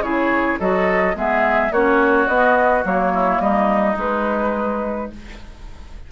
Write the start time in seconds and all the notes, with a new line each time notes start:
0.00 C#3 E4 G#4 C#5
0.59 F#3 F#4 A4 D#5
1.15 G#3 B3 G#4 E5
1.71 A#3 C#4 F#4 C#5
2.28 B3 D#5
2.84 F#3 A#3 C#5
3.14 E4
3.40 G3 D#4 D#5
3.97 G#3 B4